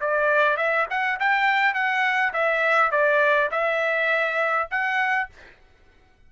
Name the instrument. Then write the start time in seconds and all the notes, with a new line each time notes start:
trumpet
0.00 D5
0.56 E5
0.90 F#5
1.19 G5
1.74 F#5
2.33 E5
2.91 D5
3.51 E5
4.70 F#5